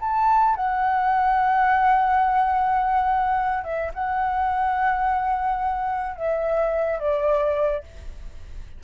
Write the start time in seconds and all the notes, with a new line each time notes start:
0.00 A5
0.56 F#5
3.63 E5
3.94 F#5
6.16 E5
6.99 D5